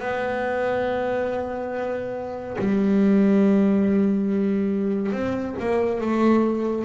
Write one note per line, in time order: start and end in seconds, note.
0.00 2.57 B3
2.59 5.12 G3
5.12 5.55 C4
5.60 6.00 A#3
6.00 6.85 A3